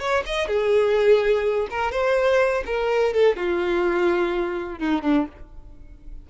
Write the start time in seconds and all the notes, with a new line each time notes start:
0.00 C#5
0.27 D#5
0.48 G#4
1.71 A#4
1.92 C5
2.66 A#4
3.14 A4
3.37 F4
4.79 D#4
5.02 D4